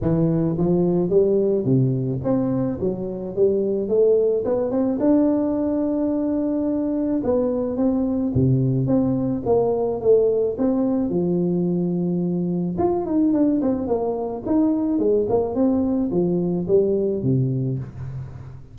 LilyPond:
\new Staff \with { instrumentName = "tuba" } { \time 4/4 \tempo 4 = 108 e4 f4 g4 c4 | c'4 fis4 g4 a4 | b8 c'8 d'2.~ | d'4 b4 c'4 c4 |
c'4 ais4 a4 c'4 | f2. f'8 dis'8 | d'8 c'8 ais4 dis'4 gis8 ais8 | c'4 f4 g4 c4 | }